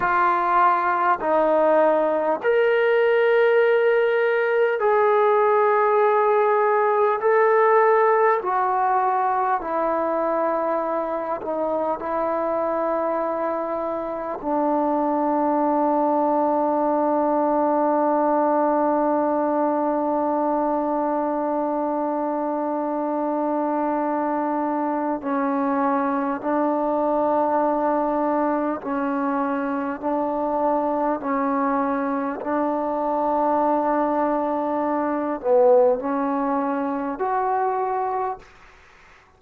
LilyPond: \new Staff \with { instrumentName = "trombone" } { \time 4/4 \tempo 4 = 50 f'4 dis'4 ais'2 | gis'2 a'4 fis'4 | e'4. dis'8 e'2 | d'1~ |
d'1~ | d'4 cis'4 d'2 | cis'4 d'4 cis'4 d'4~ | d'4. b8 cis'4 fis'4 | }